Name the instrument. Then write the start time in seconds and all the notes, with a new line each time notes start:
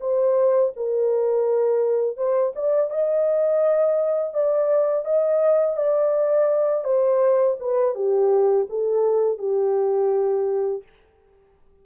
horn
0.00 C5
0.76 A#4
2.17 C5
2.55 D5
2.90 D#5
4.34 D5
5.04 D#5
5.76 D5
6.84 C5
7.60 B4
7.95 G4
8.69 A4
9.38 G4